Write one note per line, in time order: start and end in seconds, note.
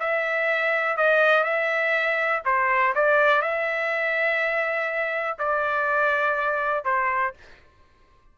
0.00 0.97 E5
0.97 1.44 D#5
1.44 2.42 E5
2.45 2.94 C5
2.95 3.42 D5
3.42 5.39 E5
5.39 6.85 D5
6.85 7.34 C5